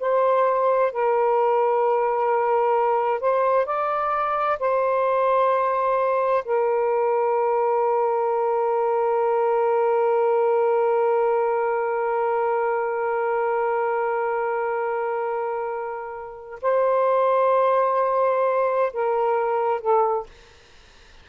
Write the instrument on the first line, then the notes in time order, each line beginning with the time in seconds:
saxophone
0.00 C5
0.92 A#4
3.21 C5
3.66 D5
4.59 C5
6.45 A#4
16.62 C5
18.94 A#4
19.81 A4